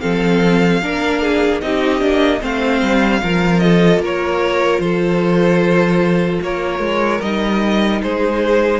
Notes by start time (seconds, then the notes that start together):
0.00 F3 C4 A4 F5
0.82 A#3 D4 A#4
1.22 G#4
1.61 C4 D#4 G4 D#5
1.99 A#3 D4
2.40 A3 C4 C5 F5
2.81 G3
3.21 F3 F4 A#4
3.59 A4 D#5
3.98 A#3 A#4
4.05 C#5
4.79 F3 A4 C5
6.41 A#3 A#4 C#5
6.79 G#3
7.21 G3 D#4 D#5
8.02 G#3 G#4 C5